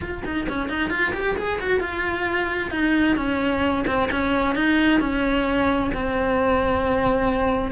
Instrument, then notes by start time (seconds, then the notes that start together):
cello
0.01 F4
0.24 D#4
0.48 C#4
0.69 D#4
0.89 F4
1.13 G4
1.36 G#4
1.60 F#4
1.80 F4
2.70 D#4
3.16 C#4
3.86 C4
4.11 C#4
4.55 D#4
5.00 C#4
5.94 C4